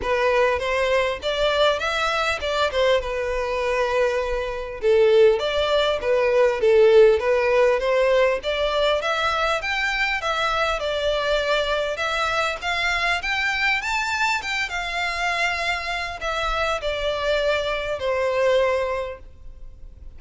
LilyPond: \new Staff \with { instrumentName = "violin" } { \time 4/4 \tempo 4 = 100 b'4 c''4 d''4 e''4 | d''8 c''8 b'2. | a'4 d''4 b'4 a'4 | b'4 c''4 d''4 e''4 |
g''4 e''4 d''2 | e''4 f''4 g''4 a''4 | g''8 f''2~ f''8 e''4 | d''2 c''2 | }